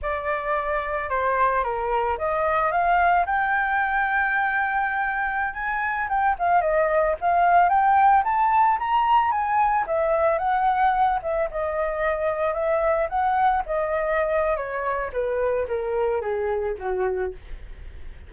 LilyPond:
\new Staff \with { instrumentName = "flute" } { \time 4/4 \tempo 4 = 111 d''2 c''4 ais'4 | dis''4 f''4 g''2~ | g''2~ g''16 gis''4 g''8 f''16~ | f''16 dis''4 f''4 g''4 a''8.~ |
a''16 ais''4 gis''4 e''4 fis''8.~ | fis''8. e''8 dis''2 e''8.~ | e''16 fis''4 dis''4.~ dis''16 cis''4 | b'4 ais'4 gis'4 fis'4 | }